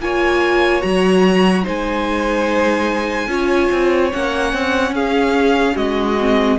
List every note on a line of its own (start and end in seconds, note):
0.00 0.82 A#3
0.00 0.82 F4
0.00 1.64 C#5
0.00 0.82 G#5
0.82 1.66 F#3
0.82 1.64 F#4
0.82 1.64 A#5
1.64 3.28 G#3
1.64 3.28 D#4
1.64 3.28 C5
1.64 4.13 G#5
3.28 3.69 C#4
3.28 4.11 F4
3.28 4.95 C#5
3.72 4.13 C4
4.13 4.54 A#3
4.13 6.19 C#4
4.13 4.95 F#5
4.54 4.92 C4
4.92 5.74 C#4
4.92 5.76 G#4
4.92 5.77 F5
5.76 6.59 G#3
5.76 6.58 F#4
5.76 6.59 D#5
6.20 6.60 C4